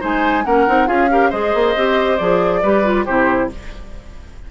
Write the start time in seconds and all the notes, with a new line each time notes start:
0.00 G#3 D#4 C5 G#5
0.45 A#3 C#4 A#4 F#5
0.67 C4 D#4
0.86 C#4 F4 G#4 F5
1.10 G4 A#4
1.30 G#3 G#4 C5 D#5
1.54 A#3
1.76 C4 G4
2.17 F3 G#4 D5
2.62 G3 G4 B4
2.84 F4
3.05 C3 E4 G4 C5